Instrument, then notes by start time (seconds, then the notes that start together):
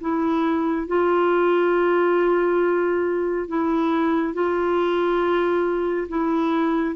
clarinet
0.00 E4
0.87 F4
3.47 E4
4.33 F4
6.08 E4